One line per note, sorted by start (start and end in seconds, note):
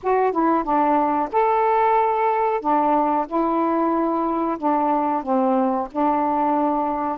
0.03 0.32 F#4
0.32 0.63 E4
0.63 1.29 D4
1.32 2.61 A4
2.61 3.26 D4
3.27 4.57 E4
4.57 5.23 D4
5.23 5.88 C4
5.91 7.17 D4